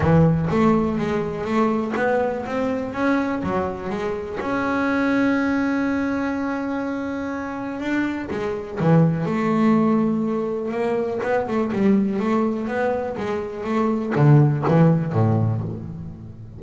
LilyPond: \new Staff \with { instrumentName = "double bass" } { \time 4/4 \tempo 4 = 123 e4 a4 gis4 a4 | b4 c'4 cis'4 fis4 | gis4 cis'2.~ | cis'1 |
d'4 gis4 e4 a4~ | a2 ais4 b8 a8 | g4 a4 b4 gis4 | a4 d4 e4 a,4 | }